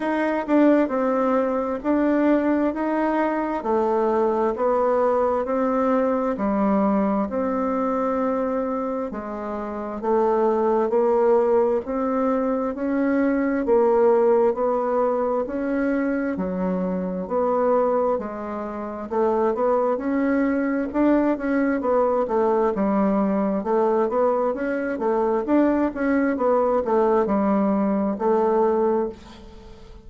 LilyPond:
\new Staff \with { instrumentName = "bassoon" } { \time 4/4 \tempo 4 = 66 dis'8 d'8 c'4 d'4 dis'4 | a4 b4 c'4 g4 | c'2 gis4 a4 | ais4 c'4 cis'4 ais4 |
b4 cis'4 fis4 b4 | gis4 a8 b8 cis'4 d'8 cis'8 | b8 a8 g4 a8 b8 cis'8 a8 | d'8 cis'8 b8 a8 g4 a4 | }